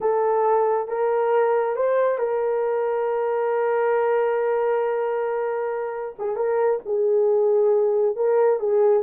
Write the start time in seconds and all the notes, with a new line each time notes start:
0.00 A4
0.88 A#4
1.75 C5
2.18 A#4
6.18 G#4
6.35 A#4
6.85 G#4
8.15 A#4
8.59 G#4